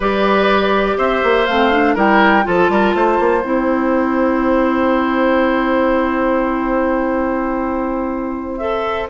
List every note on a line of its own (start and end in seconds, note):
0.00 0.96 G3
0.00 1.48 G4
0.00 0.97 B4
0.00 0.98 D5
0.97 1.22 C4
0.97 1.94 C5
0.97 1.45 E5
1.23 1.48 A#3
1.45 1.96 A3
1.45 1.71 C4
1.45 1.95 F5
1.71 1.96 D4
1.94 2.45 G3
1.94 2.42 E4
1.94 2.43 A#4
1.94 2.46 G5
2.42 2.69 F3
2.42 3.41 F4
2.42 2.71 A4
2.42 3.44 A5
2.69 2.93 G3
2.69 2.95 A#4
2.94 3.18 A3
2.94 9.09 C5
3.19 3.43 A#3
3.43 9.09 C4
3.43 8.60 E4
3.43 8.57 G5
8.57 9.09 A4
8.57 9.06 E5